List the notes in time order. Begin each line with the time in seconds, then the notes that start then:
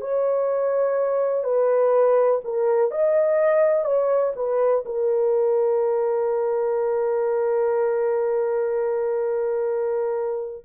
0.00 C#5
1.43 B4
2.44 A#4
2.90 D#5
3.84 C#5
4.35 B4
4.85 A#4